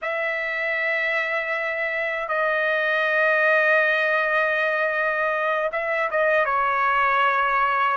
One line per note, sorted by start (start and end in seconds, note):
0.01 2.28 E5
2.28 5.70 D#5
5.72 6.10 E5
6.10 6.45 D#5
6.45 7.96 C#5